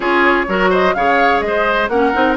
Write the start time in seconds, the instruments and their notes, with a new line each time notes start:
0.00 bassoon C#4, clarinet F4, oboe G#4, flute C#5
0.48 bassoon F#3, clarinet F#4, oboe A#4
0.70 oboe C5, flute D#5
0.94 bassoon C#3, clarinet G#4, oboe C#5, flute F5
1.40 bassoon G#3, flute D#5
1.47 oboe C5
1.88 bassoon A#3, clarinet C#4, oboe A#4, flute F#5
2.13 bassoon C4, clarinet D#4